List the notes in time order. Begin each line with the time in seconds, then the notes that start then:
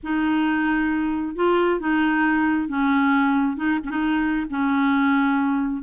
0.03 D#4
1.35 F4
1.80 D#4
2.68 C#4
3.56 D#4
3.84 C#4 D#4
4.49 C#4